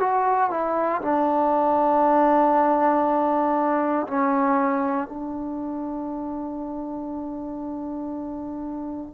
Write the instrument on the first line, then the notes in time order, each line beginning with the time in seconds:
trombone
0.00 F#4
0.51 E4
1.02 D4
4.07 C#4
5.08 D4